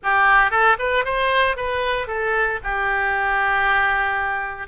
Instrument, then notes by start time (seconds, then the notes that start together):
oboe
0.03 G4
0.50 A4
0.78 B4
1.04 C5
1.56 B4
2.07 A4
2.63 G4